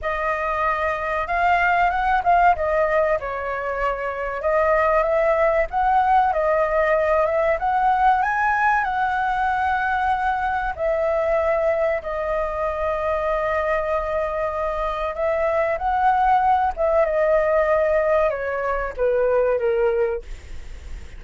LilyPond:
\new Staff \with { instrumentName = "flute" } { \time 4/4 \tempo 4 = 95 dis''2 f''4 fis''8 f''8 | dis''4 cis''2 dis''4 | e''4 fis''4 dis''4. e''8 | fis''4 gis''4 fis''2~ |
fis''4 e''2 dis''4~ | dis''1 | e''4 fis''4. e''8 dis''4~ | dis''4 cis''4 b'4 ais'4 | }